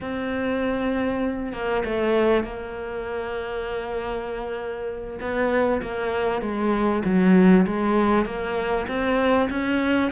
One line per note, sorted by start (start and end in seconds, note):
0.00 1.53 C4
1.53 1.83 A#3
1.85 2.44 A3
2.44 5.19 A#3
5.20 5.81 B3
5.82 6.41 A#3
6.41 7.02 G#3
7.04 7.66 F#3
7.66 8.25 G#3
8.25 8.86 A#3
8.88 9.49 C4
9.50 10.11 C#4